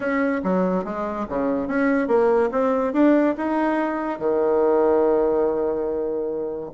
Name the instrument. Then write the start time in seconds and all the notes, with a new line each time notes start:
bassoon
0.00 C#4
0.43 F#3
0.84 G#3
1.28 C#3
1.67 C#4
2.07 A#3
2.51 C4
2.93 D4
3.37 D#4
4.18 D#3